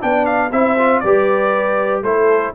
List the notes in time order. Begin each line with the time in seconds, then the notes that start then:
0.00 B3 D4 D5 G5
0.25 F5
0.51 C4 E4 C5 E5
0.78 F4
1.00 G3 G4 B4 D5
2.02 A3 E4 A4 C5